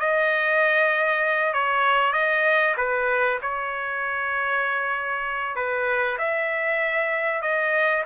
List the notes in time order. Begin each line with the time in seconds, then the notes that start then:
0.00 D#5
1.54 C#5
2.13 D#5
2.77 B4
3.42 C#5
5.56 B4
6.19 E5
7.42 D#5